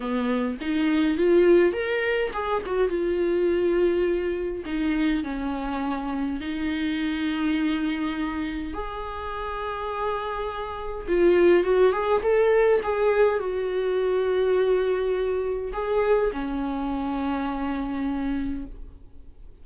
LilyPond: \new Staff \with { instrumentName = "viola" } { \time 4/4 \tempo 4 = 103 b4 dis'4 f'4 ais'4 | gis'8 fis'8 f'2. | dis'4 cis'2 dis'4~ | dis'2. gis'4~ |
gis'2. f'4 | fis'8 gis'8 a'4 gis'4 fis'4~ | fis'2. gis'4 | cis'1 | }